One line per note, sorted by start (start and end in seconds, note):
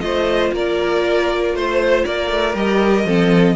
0.00 0.51 A3
0.00 2.55 F4
0.00 0.53 C5
0.00 0.51 D#5
0.52 1.54 A#3
0.52 1.55 A#4
0.52 1.55 D5
1.54 2.05 A3
1.54 2.04 C5
1.54 2.05 C5
2.04 2.30 A#3
2.04 3.06 A#4
2.04 2.55 D5
2.30 2.54 A3
2.54 3.04 G3
2.54 3.06 G4
2.54 3.55 D#5
3.04 3.55 F3
3.04 3.55 C4
3.04 3.55 A4